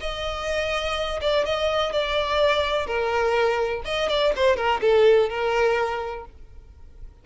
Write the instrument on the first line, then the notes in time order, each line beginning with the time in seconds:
violin
0.00 D#5
1.21 D5
1.46 D#5
1.92 D5
2.86 A#4
3.85 D#5
4.09 D5
4.36 C5
4.57 A#4
4.81 A4
5.29 A#4